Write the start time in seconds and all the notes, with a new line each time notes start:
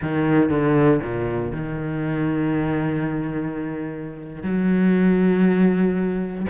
0.02 D#3
0.49 D3
1.02 A#2
1.52 D#3
4.42 F#3